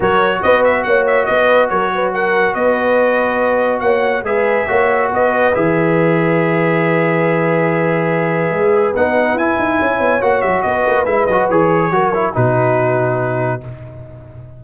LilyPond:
<<
  \new Staff \with { instrumentName = "trumpet" } { \time 4/4 \tempo 4 = 141 cis''4 dis''8 e''8 fis''8 e''8 dis''4 | cis''4 fis''4 dis''2~ | dis''4 fis''4 e''2 | dis''4 e''2.~ |
e''1~ | e''4 fis''4 gis''2 | fis''8 e''8 dis''4 e''8 dis''8 cis''4~ | cis''4 b'2. | }
  \new Staff \with { instrumentName = "horn" } { \time 4/4 ais'4 b'4 cis''4 b'4 | ais'8 b'8 ais'4 b'2~ | b'4 cis''4 b'4 cis''4 | b'1~ |
b'1~ | b'2. cis''4~ | cis''4 b'2. | ais'4 fis'2. | }
  \new Staff \with { instrumentName = "trombone" } { \time 4/4 fis'1~ | fis'1~ | fis'2 gis'4 fis'4~ | fis'4 gis'2.~ |
gis'1~ | gis'4 dis'4 e'2 | fis'2 e'8 fis'8 gis'4 | fis'8 e'8 dis'2. | }
  \new Staff \with { instrumentName = "tuba" } { \time 4/4 fis4 b4 ais4 b4 | fis2 b2~ | b4 ais4 gis4 ais4 | b4 e2.~ |
e1 | gis4 b4 e'8 dis'8 cis'8 b8 | ais8 fis8 b8 ais8 gis8 fis8 e4 | fis4 b,2. | }
>>